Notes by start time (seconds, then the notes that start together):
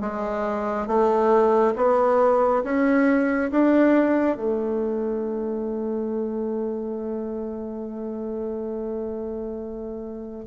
0.00 G#3
0.87 A3
1.76 B3
2.63 C#4
3.51 D4
4.36 A3